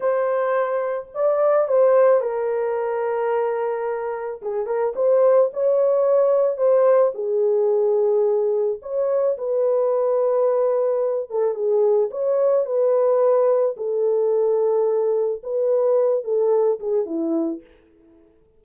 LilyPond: \new Staff \with { instrumentName = "horn" } { \time 4/4 \tempo 4 = 109 c''2 d''4 c''4 | ais'1 | gis'8 ais'8 c''4 cis''2 | c''4 gis'2. |
cis''4 b'2.~ | b'8 a'8 gis'4 cis''4 b'4~ | b'4 a'2. | b'4. a'4 gis'8 e'4 | }